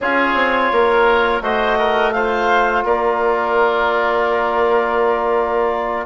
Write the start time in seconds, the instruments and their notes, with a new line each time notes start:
0.00 bassoon C#4, trombone F4, oboe G#4, clarinet C#5
0.34 bassoon C4
0.71 bassoon A#3, oboe A#4
1.41 bassoon A3, trombone F#4, oboe C5, clarinet D#5
1.78 oboe A#4
2.11 trombone F4, oboe C5, clarinet F5
2.84 bassoon A#3, oboe A#4, clarinet D5